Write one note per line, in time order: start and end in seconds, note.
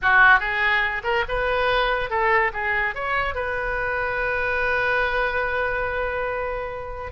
0.02 0.39 F#4
0.39 1.02 G#4
1.03 1.24 A#4
1.28 2.09 B4
2.09 2.51 A4
2.53 2.94 G#4
2.94 3.34 C#5
3.34 7.12 B4